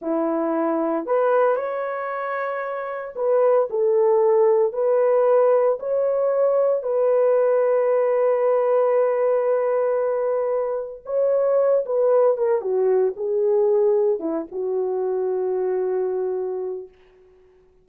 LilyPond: \new Staff \with { instrumentName = "horn" } { \time 4/4 \tempo 4 = 114 e'2 b'4 cis''4~ | cis''2 b'4 a'4~ | a'4 b'2 cis''4~ | cis''4 b'2.~ |
b'1~ | b'4 cis''4. b'4 ais'8 | fis'4 gis'2 e'8 fis'8~ | fis'1 | }